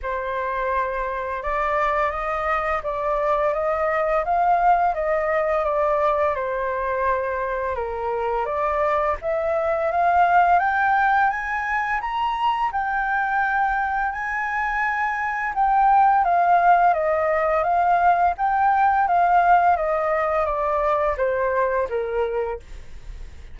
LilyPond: \new Staff \with { instrumentName = "flute" } { \time 4/4 \tempo 4 = 85 c''2 d''4 dis''4 | d''4 dis''4 f''4 dis''4 | d''4 c''2 ais'4 | d''4 e''4 f''4 g''4 |
gis''4 ais''4 g''2 | gis''2 g''4 f''4 | dis''4 f''4 g''4 f''4 | dis''4 d''4 c''4 ais'4 | }